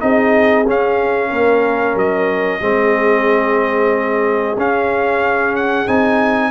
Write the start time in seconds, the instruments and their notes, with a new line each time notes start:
0.00 tuba C4, trombone D#4, horn G#4, trumpet D#5
0.67 tuba C#4, trombone C#4, trumpet F5
1.30 tuba A#3, horn A#4
1.95 tuba F#3, trumpet D#5
2.61 tuba G#3, trombone C4, horn G#4
4.57 tuba C#4, trombone C#4, trumpet F5
5.56 trumpet F#5
5.88 tuba C4, trombone D#4, trumpet G#5